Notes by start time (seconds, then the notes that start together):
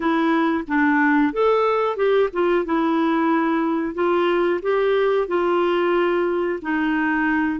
0.00 E4
0.67 D4
1.32 A4
1.96 G4
2.32 F4
2.65 E4
3.94 F4
4.62 G4
5.27 F4
6.61 D#4